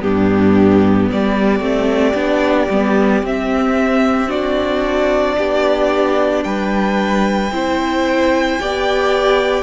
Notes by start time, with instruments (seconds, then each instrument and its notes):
0.00 cello G2, viola B3, violin D4 G4
1.09 cello G3, violin G4 D5
1.60 cello A3, viola C4
2.14 cello B3, viola D4
2.69 cello G3, viola B3
3.23 cello C4, viola C4, violin E5
4.27 viola D4, violin F#4 D5
5.37 cello B3, violin G4
6.44 cello G3, violin B4 G5
7.50 cello C4, viola E4, violin C5
8.60 cello B3, viola G4, violin D5